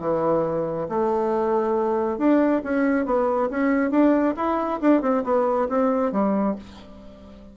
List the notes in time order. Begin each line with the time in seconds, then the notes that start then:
0.00 E3
0.89 A3
2.18 D4
2.64 C#4
3.06 B3
3.50 C#4
3.91 D4
4.36 E4
4.81 D4
5.02 C4
5.24 B3
5.69 C4
6.12 G3